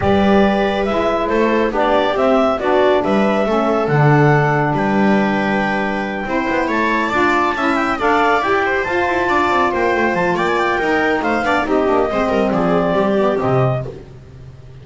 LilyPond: <<
  \new Staff \with { instrumentName = "clarinet" } { \time 4/4 \tempo 4 = 139 d''2 e''4 c''4 | d''4 e''4 d''4 e''4~ | e''4 fis''2 g''4~ | g''2.~ g''8 a''8~ |
a''2 g''8 f''4 g''8~ | g''8 a''2 g''4 a''8 | g''16 gis''16 g''4. f''4 dis''4~ | dis''4 d''2 dis''4 | }
  \new Staff \with { instrumentName = "viola" } { \time 4/4 b'2. a'4 | g'2 fis'4 b'4 | a'2. b'4~ | b'2~ b'8 c''4 cis''8~ |
cis''8 d''4 e''4 d''4. | c''4. d''4 c''4. | d''4 ais'4 c''8 d''8 g'4 | c''8 ais'8 gis'4 g'2 | }
  \new Staff \with { instrumentName = "saxophone" } { \time 4/4 g'2 e'2 | d'4 c'4 d'2 | cis'4 d'2.~ | d'2~ d'8 e'4.~ |
e'8 f'4 e'4 a'4 g'8~ | g'8 f'2.~ f'8~ | f'4 dis'4. d'8 dis'8 d'8 | c'2~ c'8 b8 c'4 | }
  \new Staff \with { instrumentName = "double bass" } { \time 4/4 g2 gis4 a4 | b4 c'4 b4 g4 | a4 d2 g4~ | g2~ g8 c'8 b8 a8~ |
a8 d'4 cis'4 d'4 e'8~ | e'8 f'8 e'8 d'8 c'8 ais8 a8 f8 | ais4 dis'4 a8 b8 c'8 ais8 | gis8 g8 f4 g4 c4 | }
>>